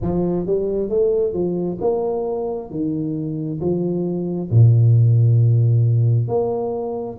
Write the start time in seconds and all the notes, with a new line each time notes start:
0.01 F3
0.46 G3
0.89 A3
1.33 F3
1.80 A#3
2.70 D#3
3.60 F3
4.50 A#2
6.28 A#3